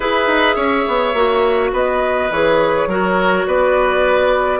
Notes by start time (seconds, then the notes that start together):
0.00 E4 G#4 B4 E5
0.26 D#4
0.55 C#4 C#5
0.87 B3
1.14 A#3 F#4
1.72 B3 B4 D#5
2.30 E3 G#4 C#5
2.86 F#3 F#4 A#4
3.46 B3 B4 D5